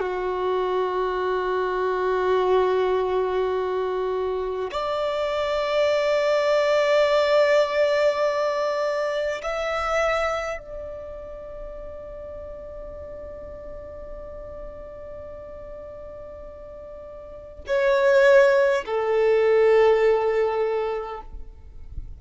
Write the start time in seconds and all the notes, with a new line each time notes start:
0.00 F#4
4.71 D5
9.42 E5
10.58 D5
17.67 C#5
18.86 A4